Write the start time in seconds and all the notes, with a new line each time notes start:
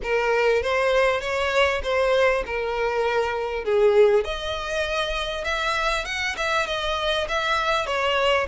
0.02 A#4
0.62 C5
1.21 C#5
1.83 C5
2.46 A#4
3.64 G#4
4.24 D#5
5.44 E5
6.05 F#5
6.36 E5
6.66 D#5
7.28 E5
7.86 C#5